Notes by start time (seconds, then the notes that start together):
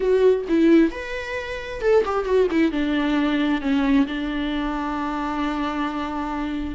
0.00 F#4
0.48 E4
0.91 B4
1.81 A4
2.05 G4
2.25 F#4
2.50 E4
2.71 D4
3.61 C#4
4.06 D4